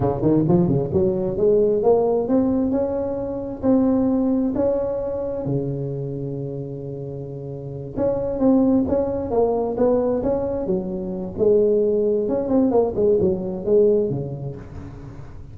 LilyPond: \new Staff \with { instrumentName = "tuba" } { \time 4/4 \tempo 4 = 132 cis8 dis8 f8 cis8 fis4 gis4 | ais4 c'4 cis'2 | c'2 cis'2 | cis1~ |
cis4. cis'4 c'4 cis'8~ | cis'8 ais4 b4 cis'4 fis8~ | fis4 gis2 cis'8 c'8 | ais8 gis8 fis4 gis4 cis4 | }